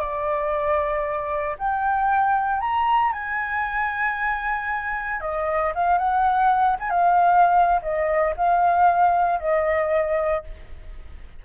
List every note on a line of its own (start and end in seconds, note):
0.00 1.57 D5
1.58 2.61 G5
2.61 3.13 A#5
3.13 5.21 G#5
5.21 5.73 D#5
5.75 5.98 F5
5.98 6.76 F#5
6.80 6.90 G#5
6.90 7.81 F5
7.82 8.35 D#5
8.37 9.40 F5
9.40 10.44 D#5